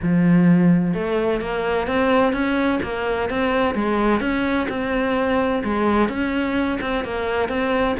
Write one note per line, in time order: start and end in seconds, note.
0.02 0.94 F3
0.94 1.40 A3
1.40 1.87 A#3
1.87 2.32 C4
2.32 2.79 C#4
2.83 3.29 A#3
3.29 3.74 C4
3.74 4.20 G#3
4.20 4.67 C#4
4.69 5.62 C4
5.64 6.08 G#3
6.08 6.79 C#4
6.81 7.04 C4
7.04 7.49 A#3
7.49 7.95 C4